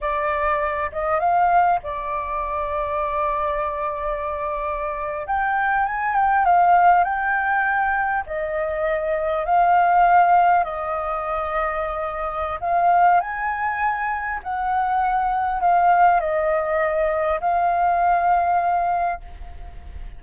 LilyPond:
\new Staff \with { instrumentName = "flute" } { \time 4/4 \tempo 4 = 100 d''4. dis''8 f''4 d''4~ | d''1~ | d''8. g''4 gis''8 g''8 f''4 g''16~ | g''4.~ g''16 dis''2 f''16~ |
f''4.~ f''16 dis''2~ dis''16~ | dis''4 f''4 gis''2 | fis''2 f''4 dis''4~ | dis''4 f''2. | }